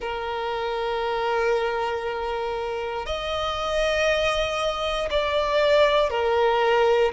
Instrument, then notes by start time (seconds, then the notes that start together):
violin
0.00 A#4
3.06 D#5
5.10 D5
6.10 A#4